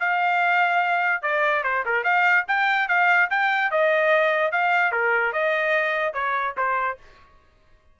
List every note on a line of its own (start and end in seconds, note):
0.00 1.22 F5
1.22 1.63 D5
1.64 1.84 C5
1.86 2.04 A#4
2.04 2.45 F5
2.48 2.88 G5
2.88 3.29 F5
3.30 3.71 G5
3.71 4.52 D#5
4.52 4.92 F5
4.92 5.33 A#4
5.33 6.14 D#5
6.14 6.55 C#5
6.57 6.98 C5